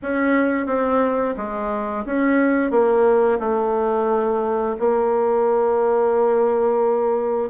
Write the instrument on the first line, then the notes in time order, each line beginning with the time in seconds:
bassoon
0.02 C#4
0.66 C4
1.36 G#3
2.05 C#4
2.70 A#3
3.39 A3
4.79 A#3